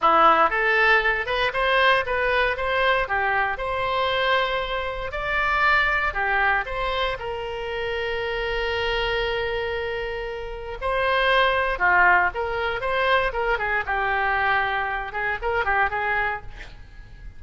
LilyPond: \new Staff \with { instrumentName = "oboe" } { \time 4/4 \tempo 4 = 117 e'4 a'4. b'8 c''4 | b'4 c''4 g'4 c''4~ | c''2 d''2 | g'4 c''4 ais'2~ |
ais'1~ | ais'4 c''2 f'4 | ais'4 c''4 ais'8 gis'8 g'4~ | g'4. gis'8 ais'8 g'8 gis'4 | }